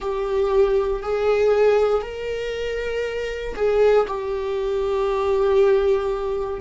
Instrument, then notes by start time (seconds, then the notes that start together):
viola
0.00 G4
1.02 G#4
2.02 A#4
3.55 G#4
4.07 G4